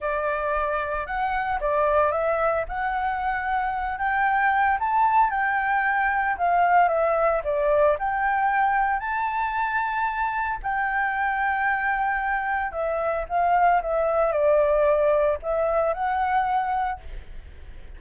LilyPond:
\new Staff \with { instrumentName = "flute" } { \time 4/4 \tempo 4 = 113 d''2 fis''4 d''4 | e''4 fis''2~ fis''8 g''8~ | g''4 a''4 g''2 | f''4 e''4 d''4 g''4~ |
g''4 a''2. | g''1 | e''4 f''4 e''4 d''4~ | d''4 e''4 fis''2 | }